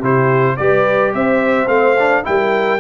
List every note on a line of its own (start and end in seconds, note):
0.00 0.58 C3
0.00 0.59 E4
0.00 0.56 G4
0.00 0.57 C5
0.57 1.15 G3
0.57 1.68 G4
0.57 1.14 B4
0.57 1.13 D5
1.14 1.68 C4
1.14 2.25 C5
1.14 1.68 E5
1.68 2.23 A3
1.68 1.96 C4
1.68 2.24 F5
1.99 2.24 D4
2.24 2.80 G3
2.24 2.79 E4
2.24 2.80 A#4
2.24 2.80 G5